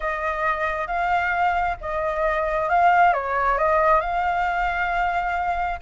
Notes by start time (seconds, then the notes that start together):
0.00 D#5
0.87 F5
1.80 D#5
2.69 F5
3.13 C#5
3.58 D#5
4.00 F5